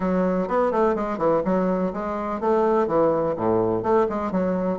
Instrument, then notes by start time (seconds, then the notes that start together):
bassoon
0.00 F#3
0.48 B3
0.71 A3
0.95 G#3
1.18 E3
1.44 F#3
1.93 G#3
2.40 A3
2.87 E3
3.36 A2
3.82 A3
4.09 G#3
4.31 F#3